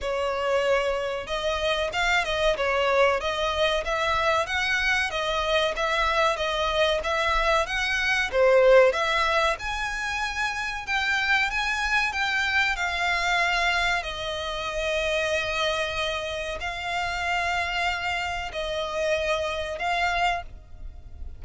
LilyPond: \new Staff \with { instrumentName = "violin" } { \time 4/4 \tempo 4 = 94 cis''2 dis''4 f''8 dis''8 | cis''4 dis''4 e''4 fis''4 | dis''4 e''4 dis''4 e''4 | fis''4 c''4 e''4 gis''4~ |
gis''4 g''4 gis''4 g''4 | f''2 dis''2~ | dis''2 f''2~ | f''4 dis''2 f''4 | }